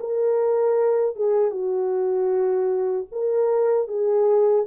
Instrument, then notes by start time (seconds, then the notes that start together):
horn
0.00 A#4
1.16 G#4
1.51 F#4
3.12 A#4
3.88 G#4